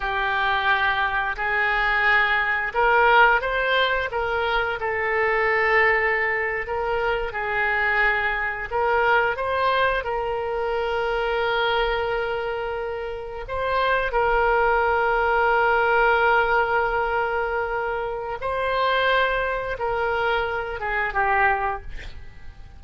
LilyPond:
\new Staff \with { instrumentName = "oboe" } { \time 4/4 \tempo 4 = 88 g'2 gis'2 | ais'4 c''4 ais'4 a'4~ | a'4.~ a'16 ais'4 gis'4~ gis'16~ | gis'8. ais'4 c''4 ais'4~ ais'16~ |
ais'2.~ ais'8. c''16~ | c''8. ais'2.~ ais'16~ | ais'2. c''4~ | c''4 ais'4. gis'8 g'4 | }